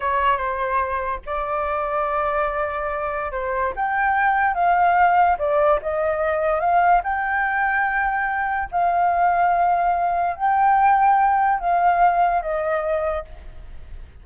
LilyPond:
\new Staff \with { instrumentName = "flute" } { \time 4/4 \tempo 4 = 145 cis''4 c''2 d''4~ | d''1 | c''4 g''2 f''4~ | f''4 d''4 dis''2 |
f''4 g''2.~ | g''4 f''2.~ | f''4 g''2. | f''2 dis''2 | }